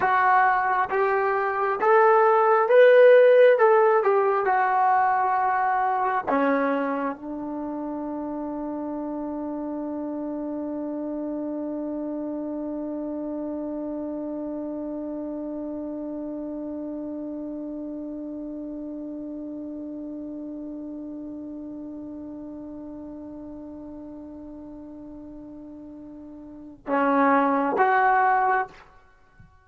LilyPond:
\new Staff \with { instrumentName = "trombone" } { \time 4/4 \tempo 4 = 67 fis'4 g'4 a'4 b'4 | a'8 g'8 fis'2 cis'4 | d'1~ | d'1~ |
d'1~ | d'1~ | d'1~ | d'2 cis'4 fis'4 | }